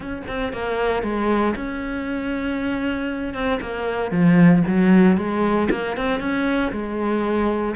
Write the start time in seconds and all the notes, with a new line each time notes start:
0.00 C#4
0.27 C4
0.53 A#3
1.03 G#3
1.55 C#4
3.34 C4
3.61 A#3
4.11 F3
4.67 F#3
5.17 G#3
5.70 A#3
5.96 C4
6.20 C#4
6.71 G#3